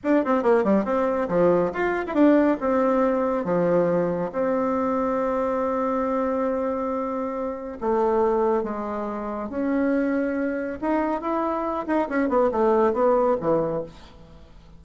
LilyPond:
\new Staff \with { instrumentName = "bassoon" } { \time 4/4 \tempo 4 = 139 d'8 c'8 ais8 g8 c'4 f4 | f'8. e'16 d'4 c'2 | f2 c'2~ | c'1~ |
c'2 a2 | gis2 cis'2~ | cis'4 dis'4 e'4. dis'8 | cis'8 b8 a4 b4 e4 | }